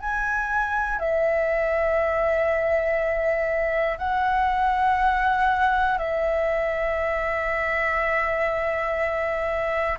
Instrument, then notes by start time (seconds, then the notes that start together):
flute
0.00 G#5
0.99 E5
3.98 F#5
5.98 E5